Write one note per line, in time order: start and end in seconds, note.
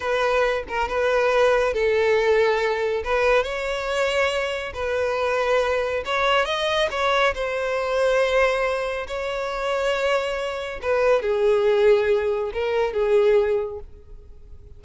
0.00 0.63 B4
0.68 0.88 A#4
0.88 1.73 B4
1.73 3.03 A4
3.04 3.43 B4
3.43 4.72 C#5
4.74 6.03 B4
6.05 6.45 C#5
6.45 6.88 D#5
6.90 7.33 C#5
7.34 9.06 C5
9.07 10.80 C#5
10.82 11.22 B4
11.22 12.51 G#4
12.53 12.93 A#4
12.93 13.79 G#4